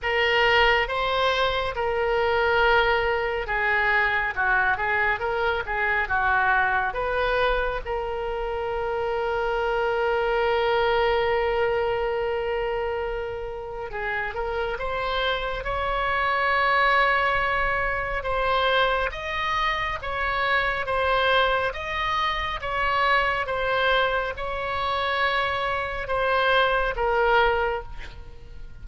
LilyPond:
\new Staff \with { instrumentName = "oboe" } { \time 4/4 \tempo 4 = 69 ais'4 c''4 ais'2 | gis'4 fis'8 gis'8 ais'8 gis'8 fis'4 | b'4 ais'2.~ | ais'1 |
gis'8 ais'8 c''4 cis''2~ | cis''4 c''4 dis''4 cis''4 | c''4 dis''4 cis''4 c''4 | cis''2 c''4 ais'4 | }